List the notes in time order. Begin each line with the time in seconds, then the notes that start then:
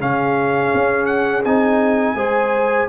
0.00 C#3 C#4 G#4 F5
0.75 C#4
1.06 F#5
1.45 C4 D#4 G#5
2.15 G#3 G#4 C5